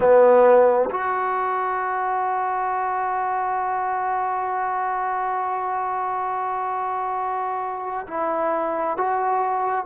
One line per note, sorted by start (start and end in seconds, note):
0.00 0.89 B3
0.90 8.06 F#4
8.07 8.97 E4
8.97 9.85 F#4